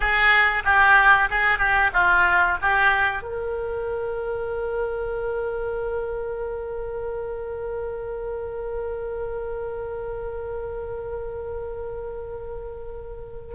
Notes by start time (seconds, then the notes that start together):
0.00 G#4
0.64 G4
1.29 G#4
1.58 G4
1.93 F4
2.61 G4
3.22 A#4